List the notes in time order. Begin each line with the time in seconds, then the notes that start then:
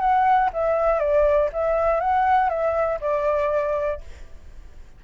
0.00 F#5
0.53 E5
1.00 D5
1.53 E5
2.00 F#5
2.50 E5
3.01 D5